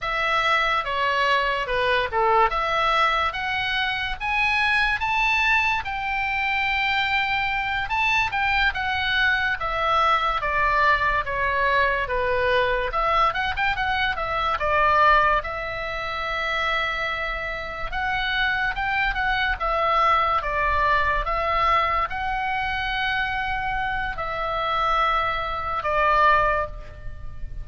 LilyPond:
\new Staff \with { instrumentName = "oboe" } { \time 4/4 \tempo 4 = 72 e''4 cis''4 b'8 a'8 e''4 | fis''4 gis''4 a''4 g''4~ | g''4. a''8 g''8 fis''4 e''8~ | e''8 d''4 cis''4 b'4 e''8 |
fis''16 g''16 fis''8 e''8 d''4 e''4.~ | e''4. fis''4 g''8 fis''8 e''8~ | e''8 d''4 e''4 fis''4.~ | fis''4 e''2 d''4 | }